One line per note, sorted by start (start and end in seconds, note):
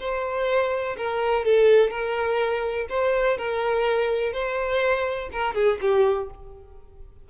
0.00 0.97 C5
0.98 1.45 A#4
1.45 1.91 A4
1.91 2.87 A#4
2.90 3.38 C5
3.38 4.33 A#4
4.33 5.30 C5
5.32 5.55 A#4
5.55 5.79 G#4
5.82 6.30 G4